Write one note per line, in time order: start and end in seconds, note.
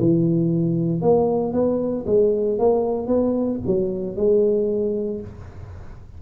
0.00 1.02 E3
1.02 1.53 A#3
1.53 2.05 B3
2.07 2.59 G#3
2.59 3.08 A#3
3.08 3.60 B3
3.67 4.17 F#3
4.17 5.21 G#3